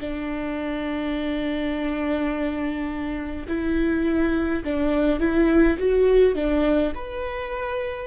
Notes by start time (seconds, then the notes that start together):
0.00 D4
3.48 E4
4.64 D4
5.20 E4
5.78 F#4
6.35 D4
6.95 B4